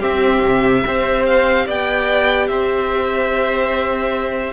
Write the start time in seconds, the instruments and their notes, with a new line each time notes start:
0.00 viola C4, cello C4, violin G4 E5
0.43 cello C3
0.87 cello C4, viola G4, violin C5
1.26 violin F5
1.66 cello B3, violin D5 G5
2.48 cello C4, violin C5 E5